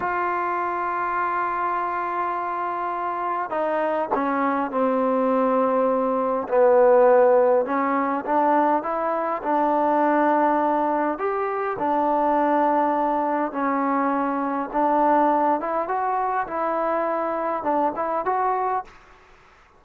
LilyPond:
\new Staff \with { instrumentName = "trombone" } { \time 4/4 \tempo 4 = 102 f'1~ | f'2 dis'4 cis'4 | c'2. b4~ | b4 cis'4 d'4 e'4 |
d'2. g'4 | d'2. cis'4~ | cis'4 d'4. e'8 fis'4 | e'2 d'8 e'8 fis'4 | }